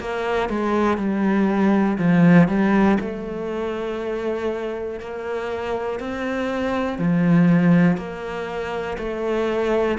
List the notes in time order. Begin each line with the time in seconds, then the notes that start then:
0.00 A#3
0.50 G#3
0.98 G3
1.99 F3
2.48 G3
3.00 A3
5.00 A#3
6.00 C4
6.99 F3
7.98 A#3
8.99 A3